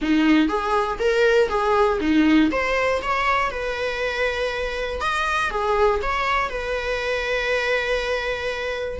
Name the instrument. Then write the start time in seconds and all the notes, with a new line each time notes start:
viola
0.01 D#4
0.48 G#4
0.99 A#4
1.49 G#4
2.00 D#4
2.51 C5
3.02 C#5
3.50 B4
5.00 D#5
5.50 G#4
6.01 C#5
6.49 B4